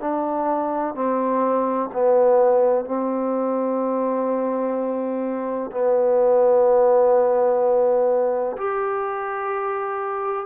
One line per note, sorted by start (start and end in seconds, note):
0.00 0.94 D4
0.94 1.90 C4
1.93 2.85 B3
2.85 5.71 C4
5.71 8.57 B3
8.58 10.46 G4